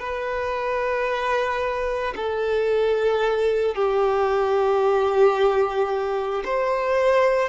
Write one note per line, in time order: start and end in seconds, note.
0.00 2.14 B4
2.16 3.76 A4
3.76 6.44 G4
6.45 7.50 C5